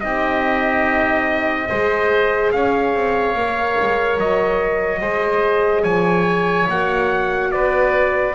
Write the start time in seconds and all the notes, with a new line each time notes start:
0.00 C4 D#4 G4 D#5
1.69 G#3 G#4 C5
2.52 C#4 C#5 F5
2.94 C4
3.35 A#3 A#4
3.80 G#3
4.17 F#3 D#5
5.00 G#3 G#4 C5
5.82 F3 C#5 G#5
6.69 A#3 F#4 F#5
7.51 B3 B4 D5